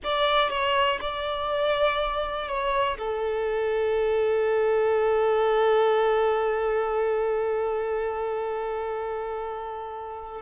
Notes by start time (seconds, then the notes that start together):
0.03 D5
0.49 C#5
1.01 D5
2.47 C#5
2.98 A4